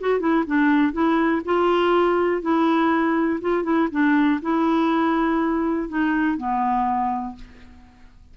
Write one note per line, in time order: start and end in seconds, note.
0.00 0.20 F#4
0.20 0.44 E4
0.46 0.93 D4
0.93 1.42 E4
1.45 2.41 F4
2.41 3.40 E4
3.41 3.63 F4
3.63 3.88 E4
3.91 4.40 D4
4.42 5.88 E4
5.88 6.37 D#4
6.37 7.35 B3